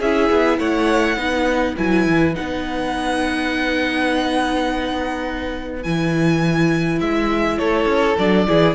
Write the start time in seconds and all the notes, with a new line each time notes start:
0.00 C#4 E4 G#4 E5
0.31 B3
0.59 A3 C#5 F#5
1.17 B3 D#4 B4
1.77 F#3 E4 G#5
2.07 E3
2.34 B3 D#4 F#5
5.83 E3 E4 G#5
7.01 G#3 E5
7.59 A3 A4 C#5
7.86 C#4
8.19 F#3 D4 D5
8.48 E3 E4 G#4